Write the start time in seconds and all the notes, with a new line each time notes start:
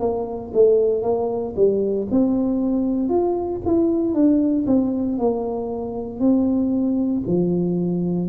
0.00 A#3
0.54 A3
1.03 A#3
1.56 G3
2.11 C4
3.09 F4
3.66 E4
4.14 D4
4.67 C4
5.19 A#3
6.20 C4
7.27 F3